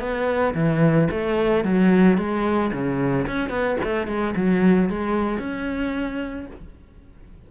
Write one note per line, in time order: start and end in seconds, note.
0.00 0.54 B3
0.55 1.09 E3
1.11 1.65 A3
1.65 2.18 F#3
2.18 2.72 G#3
2.73 3.27 C#3
3.28 3.50 C#4
3.50 3.77 B3
3.83 4.08 A3
4.08 4.35 G#3
4.36 4.89 F#3
4.89 5.39 G#3
5.39 6.47 C#4